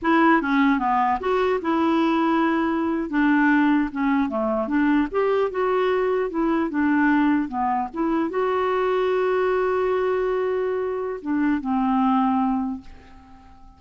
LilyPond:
\new Staff \with { instrumentName = "clarinet" } { \time 4/4 \tempo 4 = 150 e'4 cis'4 b4 fis'4 | e'2.~ e'8. d'16~ | d'4.~ d'16 cis'4 a4 d'16~ | d'8. g'4 fis'2 e'16~ |
e'8. d'2 b4 e'16~ | e'8. fis'2.~ fis'16~ | fis'1 | d'4 c'2. | }